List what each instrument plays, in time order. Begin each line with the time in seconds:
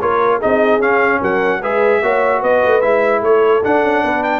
0.00 tuba A#3, trombone F4, horn A#4, trumpet C#5
0.38 trombone D#4, horn G#4, trumpet D#5
0.45 tuba C4
0.79 tuba C#4, trombone C#4, trumpet F5
1.20 tuba F#3, horn A#4, trumpet F#5
1.61 tuba G#3, trombone G#4, horn B4, trumpet E5
2.01 tuba A#3, trombone F#4, horn C#5
2.40 tuba B3, horn B4, trumpet D#5
2.64 tuba A3
2.81 tuba G#3, trombone E4, trumpet E5
3.21 tuba A3, horn A4, trumpet C#5
3.63 trombone D4, tuba D4, trumpet F#5
3.82 tuba C#4
4.03 tuba B3, horn B4
4.23 trumpet G5